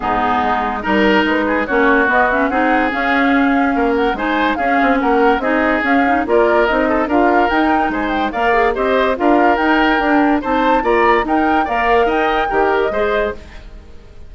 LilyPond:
<<
  \new Staff \with { instrumentName = "flute" } { \time 4/4 \tempo 4 = 144 gis'2 ais'4 b'4 | cis''4 dis''8 e''8 fis''4 f''4~ | f''4. fis''8 gis''4 f''4 | fis''4 dis''4 f''4 d''4 |
dis''4 f''4 g''4 gis''8 g''8 | f''4 dis''4 f''4 g''4~ | g''4 a''4 ais''4 g''4 | f''4 g''4.~ g''16 dis''4~ dis''16 | }
  \new Staff \with { instrumentName = "oboe" } { \time 4/4 dis'2 ais'4. gis'8 | fis'2 gis'2~ | gis'4 ais'4 c''4 gis'4 | ais'4 gis'2 ais'4~ |
ais'8 a'8 ais'2 c''4 | d''4 c''4 ais'2~ | ais'4 c''4 d''4 ais'4 | d''4 dis''4 ais'4 c''4 | }
  \new Staff \with { instrumentName = "clarinet" } { \time 4/4 b2 dis'2 | cis'4 b8 cis'8 dis'4 cis'4~ | cis'2 dis'4 cis'4~ | cis'4 dis'4 cis'8 dis'8 f'4 |
dis'4 f'4 dis'2 | ais'8 gis'8 g'4 f'4 dis'4 | d'4 dis'4 f'4 dis'4 | ais'2 g'4 gis'4 | }
  \new Staff \with { instrumentName = "bassoon" } { \time 4/4 gis,4 gis4 g4 gis4 | ais4 b4 c'4 cis'4~ | cis'4 ais4 gis4 cis'8 c'8 | ais4 c'4 cis'4 ais4 |
c'4 d'4 dis'4 gis4 | ais4 c'4 d'4 dis'4 | d'4 c'4 ais4 dis'4 | ais4 dis'4 dis4 gis4 | }
>>